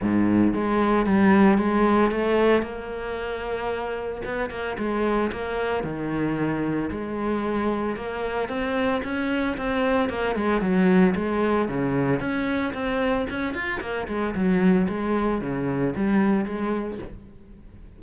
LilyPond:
\new Staff \with { instrumentName = "cello" } { \time 4/4 \tempo 4 = 113 gis,4 gis4 g4 gis4 | a4 ais2. | b8 ais8 gis4 ais4 dis4~ | dis4 gis2 ais4 |
c'4 cis'4 c'4 ais8 gis8 | fis4 gis4 cis4 cis'4 | c'4 cis'8 f'8 ais8 gis8 fis4 | gis4 cis4 g4 gis4 | }